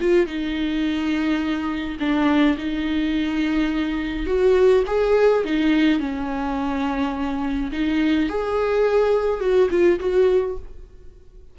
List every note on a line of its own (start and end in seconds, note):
0.00 0.26 F4
0.26 1.97 D#4
1.99 2.56 D4
2.57 4.26 D#4
4.26 4.83 F#4
4.86 5.44 G#4
5.44 5.99 D#4
5.99 7.71 C#4
7.72 8.29 D#4
8.29 9.40 G#4
9.40 9.69 F#4
9.70 9.99 F4
9.99 10.57 F#4